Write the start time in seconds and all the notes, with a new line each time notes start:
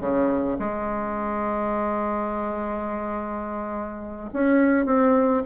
0.00 C#3
0.58 G#3
4.33 C#4
4.85 C4